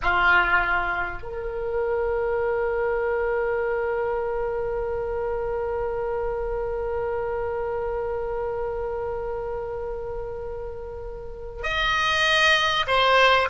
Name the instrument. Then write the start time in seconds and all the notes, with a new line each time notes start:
oboe
0.02 F4
1.22 A#4
11.63 D#5
12.87 C5